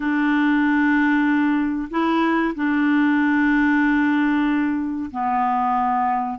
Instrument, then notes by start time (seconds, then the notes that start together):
clarinet
0.00 D4
1.90 E4
2.55 D4
5.11 B3